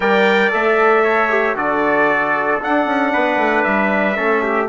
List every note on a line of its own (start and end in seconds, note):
0.00 0.49 G3
0.00 0.51 A#4
0.00 1.03 D5
0.00 0.52 G5
0.51 1.55 A3
0.51 1.29 A4
0.51 1.56 E5
1.03 1.55 C#5
1.29 1.55 G4
1.55 2.59 D3
1.55 2.59 F#4
1.55 3.12 A4
1.55 2.61 D5
2.60 4.14 D4
2.60 2.85 D4
2.60 3.64 F#5
2.85 3.11 C#4
3.12 3.37 B3
3.12 4.16 B4
3.37 3.63 A3
3.64 4.17 G3
3.64 4.68 E5
4.14 4.69 A3
4.14 4.67 C#4
4.14 4.42 A4
4.42 4.68 G4